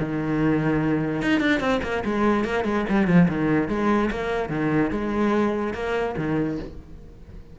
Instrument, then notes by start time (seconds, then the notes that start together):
cello
0.00 D#3
1.22 D#4
1.41 D4
1.60 C4
1.83 A#3
2.05 G#3
2.45 A#3
2.65 G#3
2.90 G3
3.08 F3
3.29 D#3
3.69 G#3
4.11 A#3
4.50 D#3
4.91 G#3
5.74 A#3
6.18 D#3